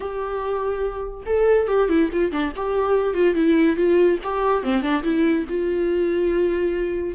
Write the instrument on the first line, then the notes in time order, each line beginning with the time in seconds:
viola
0.00 G4
1.26 A4
1.67 G4
1.88 E4
2.12 F4
2.31 D4
2.56 G4
3.14 F4
3.34 E4
3.76 F4
4.23 G4
4.63 C4
4.81 D4
5.03 E4
5.49 F4